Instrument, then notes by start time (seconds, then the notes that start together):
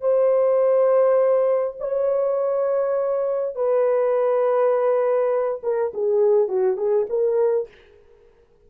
horn
0.00 C5
1.79 C#5
3.55 B4
5.63 A#4
5.94 G#4
6.48 F#4
6.77 G#4
7.09 A#4